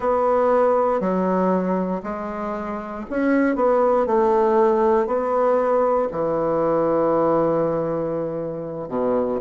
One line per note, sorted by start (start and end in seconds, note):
0.00 1.00 B3
1.00 2.02 F#3
2.03 3.05 G#3
3.10 3.55 C#4
3.55 4.06 B3
4.06 5.06 A3
5.06 6.08 B3
6.11 8.88 E3
8.88 9.39 B2